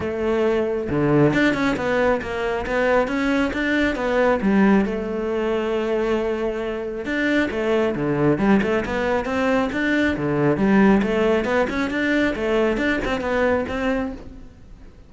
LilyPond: \new Staff \with { instrumentName = "cello" } { \time 4/4 \tempo 4 = 136 a2 d4 d'8 cis'8 | b4 ais4 b4 cis'4 | d'4 b4 g4 a4~ | a1 |
d'4 a4 d4 g8 a8 | b4 c'4 d'4 d4 | g4 a4 b8 cis'8 d'4 | a4 d'8 c'8 b4 c'4 | }